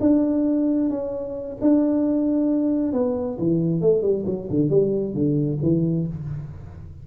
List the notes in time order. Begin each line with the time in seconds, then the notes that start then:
0.00 D4
0.90 C#4
1.61 D4
2.92 B3
3.38 E3
3.81 A3
4.02 G3
4.26 F#3
4.50 D3
4.69 G3
5.14 D3
5.62 E3